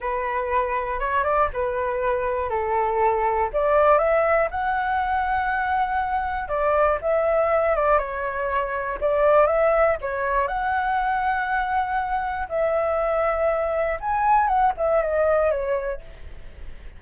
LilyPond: \new Staff \with { instrumentName = "flute" } { \time 4/4 \tempo 4 = 120 b'2 cis''8 d''8 b'4~ | b'4 a'2 d''4 | e''4 fis''2.~ | fis''4 d''4 e''4. d''8 |
cis''2 d''4 e''4 | cis''4 fis''2.~ | fis''4 e''2. | gis''4 fis''8 e''8 dis''4 cis''4 | }